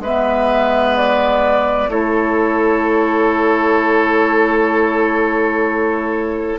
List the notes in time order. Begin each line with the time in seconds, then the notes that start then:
0.00 G#3 B3 B4 E5
0.97 D5
1.88 A3 E4 A4 C#5